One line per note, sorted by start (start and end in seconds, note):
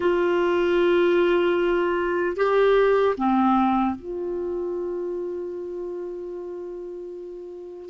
0.00 2.36 F4
2.36 3.15 G4
3.17 3.95 C4
3.95 7.89 F4